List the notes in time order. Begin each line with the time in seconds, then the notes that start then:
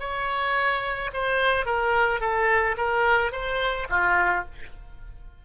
0.00 C#5
1.14 C5
1.66 A#4
2.21 A4
2.78 A#4
3.33 C5
3.90 F4